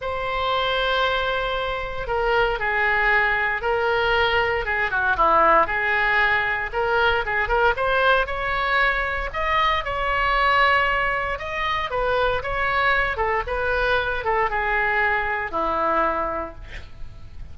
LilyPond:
\new Staff \with { instrumentName = "oboe" } { \time 4/4 \tempo 4 = 116 c''1 | ais'4 gis'2 ais'4~ | ais'4 gis'8 fis'8 e'4 gis'4~ | gis'4 ais'4 gis'8 ais'8 c''4 |
cis''2 dis''4 cis''4~ | cis''2 dis''4 b'4 | cis''4. a'8 b'4. a'8 | gis'2 e'2 | }